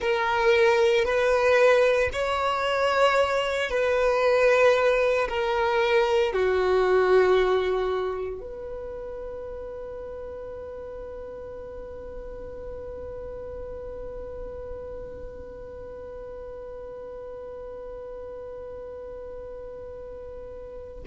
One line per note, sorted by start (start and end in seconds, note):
0.00 1.04 A#4
1.04 2.10 B4
2.12 3.69 C#5
3.69 5.27 B4
5.28 6.32 A#4
6.32 8.40 F#4
8.40 21.03 B4